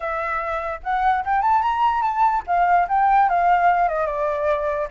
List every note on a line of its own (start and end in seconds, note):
0.00 0.80 E5
0.83 1.24 F#5
1.24 1.42 G5
1.42 1.61 A5
1.61 2.01 A#5
2.01 2.42 A5
2.46 2.87 F5
2.88 3.29 G5
3.29 3.88 F5
3.88 4.06 D#5
4.06 4.88 D5